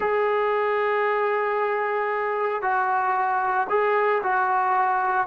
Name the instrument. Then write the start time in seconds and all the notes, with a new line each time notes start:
trombone
0.00 G#4
2.61 F#4
3.69 G#4
4.23 F#4